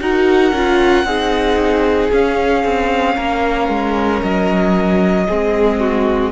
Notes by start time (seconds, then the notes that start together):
0.00 D#4 F#4 A#4 F#5
0.52 C#4 F4
1.04 C4 D#4 G#4
2.12 C#4 F5
2.64 C4
3.16 A#3 A#4
3.69 G#3
4.22 F#3 D#5
5.28 G#3 C4 G#4
5.80 F#4